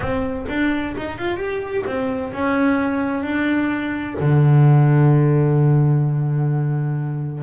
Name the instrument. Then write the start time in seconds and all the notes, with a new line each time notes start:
double bass
0.00 C4
0.48 D4
0.97 D#4
1.17 F4
1.37 G4
1.86 C4
2.33 C#4
3.23 D4
4.20 D3